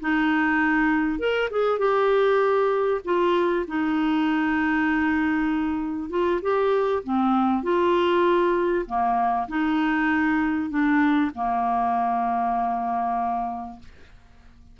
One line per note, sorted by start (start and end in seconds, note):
0.00 1.18 D#4
1.18 1.49 A#4
1.50 1.78 G#4
1.78 3.01 G4
3.04 3.65 F4
3.67 6.09 D#4
6.09 6.40 F4
6.41 7.03 G4
7.03 7.63 C4
7.63 8.85 F4
8.86 9.47 A#3
9.48 10.69 D#4
10.69 11.31 D4
11.34 13.79 A#3